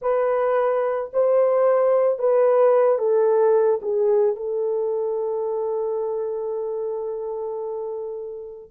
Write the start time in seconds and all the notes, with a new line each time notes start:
0.01 B4
1.13 C5
2.18 B4
2.98 A4
3.82 G#4
4.35 A4